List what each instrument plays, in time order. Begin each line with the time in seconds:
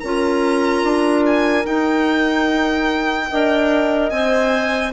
0.00 bassoon C#4, clarinet F4, horn A#4, violin A#5
0.83 bassoon D4
1.26 violin G#5
1.64 clarinet D#4, bassoon D#4, violin G5
3.31 bassoon D4, clarinet A#4, horn D#5
4.10 bassoon C4, clarinet C5, violin G#5